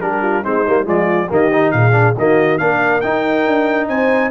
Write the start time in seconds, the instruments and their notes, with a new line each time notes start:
0.00 tuba G3, trombone D4, horn G4, trumpet A#4
0.22 horn F4
0.42 tuba G#3, trombone C4, horn D#4, trumpet C5
0.66 tuba G3, trombone A#3
0.84 tuba F3, trombone G#3, horn F4, trumpet D5
1.29 tuba D#3, trombone A#3, horn G4, trumpet D#5
1.52 trombone D#4
1.71 tuba A#2, horn G#4, trumpet F5
1.92 trombone D4
2.17 tuba D#3, trombone A#3, horn F#4, trumpet D#5
2.58 tuba A#3, trombone D4, horn A#4, trumpet F5
3.01 trombone D#4, tuba D#4, trumpet G5
3.47 tuba D4
3.88 tuba C4, horn C5, trumpet G#5